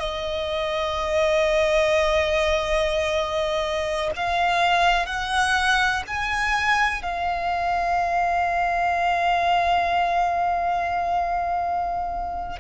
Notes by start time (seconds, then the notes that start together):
0.00 D#5
4.16 F5
5.06 F#5
6.07 G#5
7.03 F5